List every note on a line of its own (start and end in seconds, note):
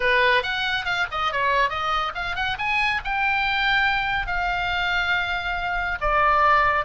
0.00 0.42 B4
0.42 0.85 F#5
0.85 1.06 F5
1.11 1.32 D#5
1.32 1.69 C#5
1.69 2.12 D#5
2.14 2.35 F5
2.35 2.57 F#5
2.58 3.01 G#5
3.04 4.26 G5
4.26 5.98 F5
6.00 6.85 D5